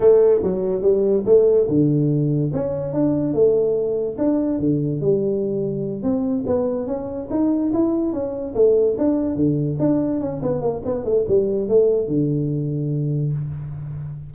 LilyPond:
\new Staff \with { instrumentName = "tuba" } { \time 4/4 \tempo 4 = 144 a4 fis4 g4 a4 | d2 cis'4 d'4 | a2 d'4 d4 | g2~ g8 c'4 b8~ |
b8 cis'4 dis'4 e'4 cis'8~ | cis'8 a4 d'4 d4 d'8~ | d'8 cis'8 b8 ais8 b8 a8 g4 | a4 d2. | }